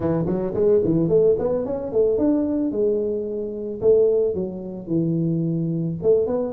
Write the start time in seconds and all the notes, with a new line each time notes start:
0.00 E3
0.26 F#3
0.53 G#3
0.84 E3
1.08 A3
1.38 B3
1.65 C#4
1.92 A3
2.17 D4
2.71 G#3
3.81 A3
4.34 F#3
4.87 E3
6.02 A3
6.26 B3